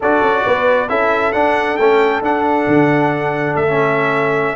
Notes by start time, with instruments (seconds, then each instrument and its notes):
0.00 tuba D4, trombone F#4, horn A4, trumpet D5
0.22 tuba C#4
0.45 tuba B3, horn B4
0.88 tuba C#4, trombone E4, horn A4, trumpet E5
1.32 tuba D4, trombone D4, trumpet F#5
1.76 tuba A3, trombone C#4, trumpet G5
2.21 tuba D4, trombone D4, trumpet F#5
2.67 tuba D3
3.55 tuba A3, trumpet E5
3.67 trombone C#4